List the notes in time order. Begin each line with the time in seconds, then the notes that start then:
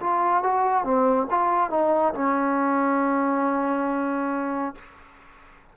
0.00 F4
0.43 F#4
0.84 C4
1.30 F4
1.70 D#4
2.14 C#4